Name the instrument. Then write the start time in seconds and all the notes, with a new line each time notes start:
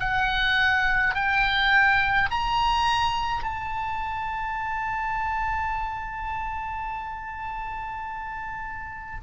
oboe
0.00 F#5
1.14 G5
2.31 A#5
3.43 A5